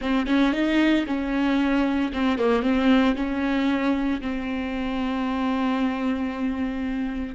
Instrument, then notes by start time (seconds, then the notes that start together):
viola
0.01 C4
0.26 C#4
0.52 D#4
1.06 C#4
2.12 C4
2.38 A#3
2.62 C4
3.15 C#4
4.21 C4